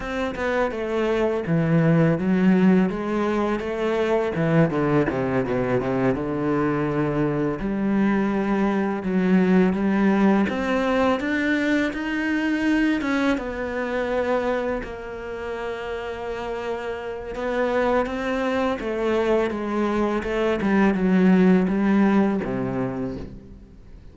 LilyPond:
\new Staff \with { instrumentName = "cello" } { \time 4/4 \tempo 4 = 83 c'8 b8 a4 e4 fis4 | gis4 a4 e8 d8 c8 b,8 | c8 d2 g4.~ | g8 fis4 g4 c'4 d'8~ |
d'8 dis'4. cis'8 b4.~ | b8 ais2.~ ais8 | b4 c'4 a4 gis4 | a8 g8 fis4 g4 c4 | }